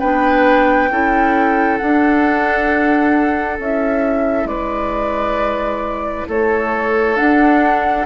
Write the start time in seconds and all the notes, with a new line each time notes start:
0.00 B3 D4 B4 G5
0.91 C#4 E4 A4
1.78 D4 F#5
3.58 C#4 E4 E5
4.45 G#3 B4 D5
6.28 A3 A4 C#5
7.16 D4 F#5